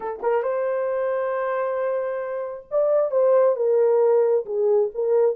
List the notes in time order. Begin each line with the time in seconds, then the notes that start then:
0.00 A4
0.22 A#4
0.43 C5
2.70 D5
3.11 C5
3.55 A#4
4.45 G#4
4.94 A#4